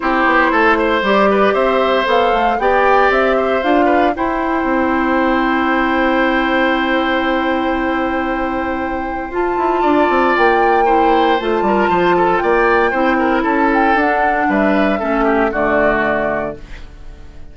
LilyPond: <<
  \new Staff \with { instrumentName = "flute" } { \time 4/4 \tempo 4 = 116 c''2 d''4 e''4 | f''4 g''4 e''4 f''4 | g''1~ | g''1~ |
g''2 a''2 | g''2 a''2 | g''2 a''8 g''8 fis''4 | e''2 d''2 | }
  \new Staff \with { instrumentName = "oboe" } { \time 4/4 g'4 a'8 c''4 b'8 c''4~ | c''4 d''4. c''4 b'8 | c''1~ | c''1~ |
c''2. d''4~ | d''4 c''4. ais'8 c''8 a'8 | d''4 c''8 ais'8 a'2 | b'4 a'8 g'8 fis'2 | }
  \new Staff \with { instrumentName = "clarinet" } { \time 4/4 e'2 g'2 | a'4 g'2 f'4 | e'1~ | e'1~ |
e'2 f'2~ | f'4 e'4 f'2~ | f'4 e'2 d'4~ | d'4 cis'4 a2 | }
  \new Staff \with { instrumentName = "bassoon" } { \time 4/4 c'8 b8 a4 g4 c'4 | b8 a8 b4 c'4 d'4 | e'4 c'2.~ | c'1~ |
c'2 f'8 e'8 d'8 c'8 | ais2 a8 g8 f4 | ais4 c'4 cis'4 d'4 | g4 a4 d2 | }
>>